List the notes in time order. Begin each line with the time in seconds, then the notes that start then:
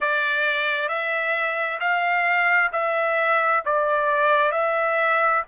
0.00 D5
0.88 E5
1.80 F5
2.72 E5
3.65 D5
4.51 E5